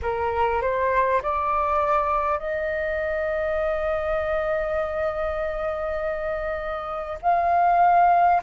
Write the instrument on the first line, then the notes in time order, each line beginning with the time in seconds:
flute
0.02 A#4
0.61 C5
1.22 D5
2.38 D#5
7.22 F5